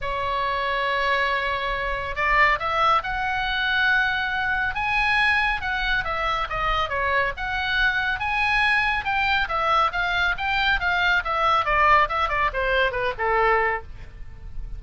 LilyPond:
\new Staff \with { instrumentName = "oboe" } { \time 4/4 \tempo 4 = 139 cis''1~ | cis''4 d''4 e''4 fis''4~ | fis''2. gis''4~ | gis''4 fis''4 e''4 dis''4 |
cis''4 fis''2 gis''4~ | gis''4 g''4 e''4 f''4 | g''4 f''4 e''4 d''4 | e''8 d''8 c''4 b'8 a'4. | }